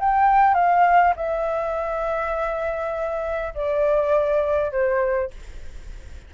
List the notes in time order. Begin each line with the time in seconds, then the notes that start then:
0.00 G5
0.54 F5
1.16 E5
3.55 D5
4.71 C5